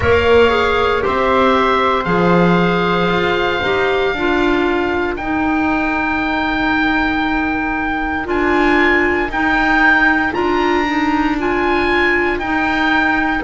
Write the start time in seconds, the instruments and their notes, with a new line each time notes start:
0.00 double bass A#3, clarinet A#4, flute C#5, oboe F5
0.50 clarinet G#4
1.01 double bass C4, clarinet G4, flute C5, oboe E5
2.04 double bass F3, clarinet G#4, oboe F5
3.08 double bass F4
3.62 double bass D#4, clarinet G4
4.12 double bass D4, clarinet F4, flute A#4
5.16 double bass D#4, clarinet D#4, oboe G5
8.24 double bass D4, clarinet F4, oboe G#5
9.28 double bass D#4, clarinet D#4, oboe G5
10.32 double bass D4, clarinet F4, oboe A#5
10.87 clarinet D#4
11.39 clarinet F4, oboe G#5
12.38 double bass D#4, clarinet D#4, oboe G5